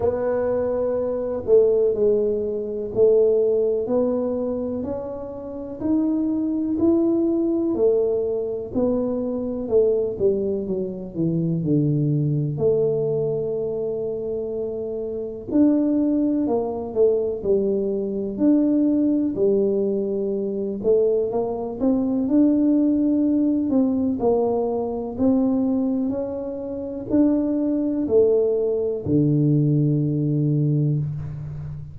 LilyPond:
\new Staff \with { instrumentName = "tuba" } { \time 4/4 \tempo 4 = 62 b4. a8 gis4 a4 | b4 cis'4 dis'4 e'4 | a4 b4 a8 g8 fis8 e8 | d4 a2. |
d'4 ais8 a8 g4 d'4 | g4. a8 ais8 c'8 d'4~ | d'8 c'8 ais4 c'4 cis'4 | d'4 a4 d2 | }